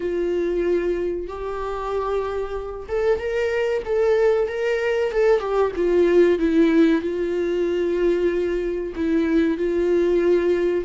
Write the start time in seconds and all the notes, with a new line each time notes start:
0.00 F4
1.27 G4
2.88 A4
3.19 A#4
3.85 A4
4.47 A#4
5.11 A4
5.39 G4
5.76 F4
6.38 E4
7.01 F4
8.95 E4
9.57 F4